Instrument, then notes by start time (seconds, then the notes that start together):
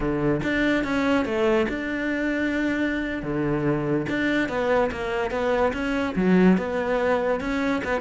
cello
0.00 D3
0.43 D4
0.84 C#4
1.25 A3
1.69 D4
3.23 D3
4.09 D4
4.48 B3
4.91 A#3
5.30 B3
5.73 C#4
6.15 F#3
6.57 B3
7.40 C#4
7.83 B3